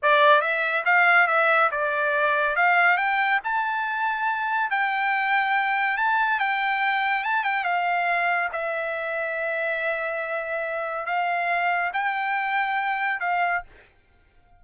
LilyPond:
\new Staff \with { instrumentName = "trumpet" } { \time 4/4 \tempo 4 = 141 d''4 e''4 f''4 e''4 | d''2 f''4 g''4 | a''2. g''4~ | g''2 a''4 g''4~ |
g''4 a''8 g''8 f''2 | e''1~ | e''2 f''2 | g''2. f''4 | }